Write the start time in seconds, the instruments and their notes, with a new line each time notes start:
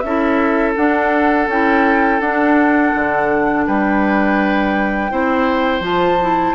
0.00 bassoon C#4, clarinet E4, oboe A4, flute E5
0.76 clarinet D4, bassoon D4, flute F#5
1.48 bassoon C#4, clarinet E4, flute G5
2.20 bassoon D4, clarinet D4, flute F#5
2.95 bassoon D3
3.67 bassoon G3, oboe B4, flute G5
5.11 bassoon C4, clarinet E4, oboe C5
5.80 bassoon F3, clarinet F4, flute A5
6.22 clarinet E4